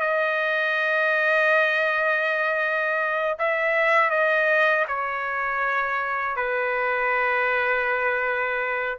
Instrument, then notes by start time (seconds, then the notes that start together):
trumpet
0.00 D#5
3.38 E5
4.10 D#5
4.87 C#5
6.36 B4